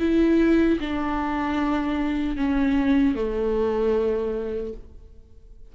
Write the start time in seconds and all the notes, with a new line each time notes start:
0.00 E4
0.80 D4
2.36 C#4
3.16 A3